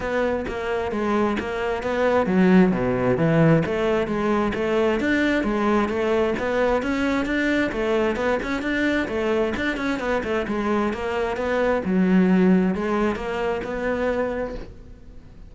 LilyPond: \new Staff \with { instrumentName = "cello" } { \time 4/4 \tempo 4 = 132 b4 ais4 gis4 ais4 | b4 fis4 b,4 e4 | a4 gis4 a4 d'4 | gis4 a4 b4 cis'4 |
d'4 a4 b8 cis'8 d'4 | a4 d'8 cis'8 b8 a8 gis4 | ais4 b4 fis2 | gis4 ais4 b2 | }